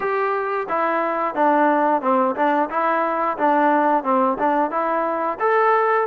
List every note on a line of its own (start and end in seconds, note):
0.00 0.67 G4
0.68 1.35 E4
1.35 2.01 D4
2.01 2.35 C4
2.35 2.69 D4
2.70 3.37 E4
3.37 4.03 D4
4.03 4.37 C4
4.38 4.70 D4
4.70 5.38 E4
5.39 6.07 A4